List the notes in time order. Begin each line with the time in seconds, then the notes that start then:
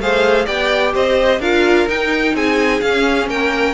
0.00 A3 G#4 C5 F5
0.46 B3 G4 D5 G5
0.95 C4 C5 D#5
1.40 D4 F4 A#4 F5
1.89 D#4 G5
2.34 C4 G#4 G#5
2.81 C#4 F5
3.27 A#3 A#4 G5